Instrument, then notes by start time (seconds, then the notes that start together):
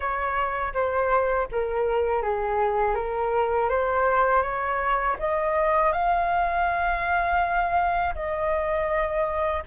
flute
0.00 C#5
0.73 C5
1.52 A#4
2.22 G#4
2.95 A#4
3.69 C5
4.42 C#5
5.19 D#5
5.92 F5
8.14 D#5